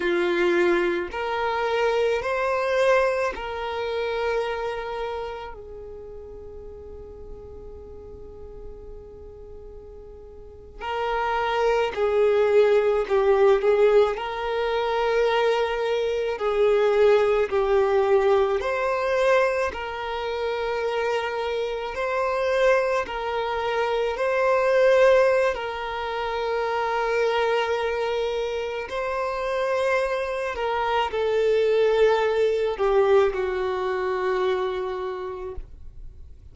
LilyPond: \new Staff \with { instrumentName = "violin" } { \time 4/4 \tempo 4 = 54 f'4 ais'4 c''4 ais'4~ | ais'4 gis'2.~ | gis'4.~ gis'16 ais'4 gis'4 g'16~ | g'16 gis'8 ais'2 gis'4 g'16~ |
g'8. c''4 ais'2 c''16~ | c''8. ais'4 c''4~ c''16 ais'4~ | ais'2 c''4. ais'8 | a'4. g'8 fis'2 | }